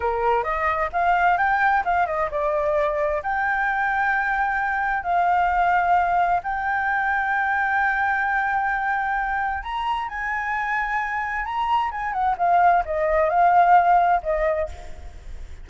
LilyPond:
\new Staff \with { instrumentName = "flute" } { \time 4/4 \tempo 4 = 131 ais'4 dis''4 f''4 g''4 | f''8 dis''8 d''2 g''4~ | g''2. f''4~ | f''2 g''2~ |
g''1~ | g''4 ais''4 gis''2~ | gis''4 ais''4 gis''8 fis''8 f''4 | dis''4 f''2 dis''4 | }